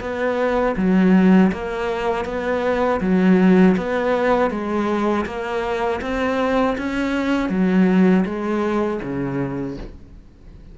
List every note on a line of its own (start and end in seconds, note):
0.00 0.75 B3
0.76 1.51 F#3
1.52 2.25 A#3
2.25 3.00 B3
3.00 3.75 F#3
3.76 4.50 B3
4.50 5.25 G#3
5.25 6.00 A#3
6.01 6.76 C4
6.77 7.49 C#4
7.49 8.24 F#3
8.25 9.00 G#3
9.02 9.77 C#3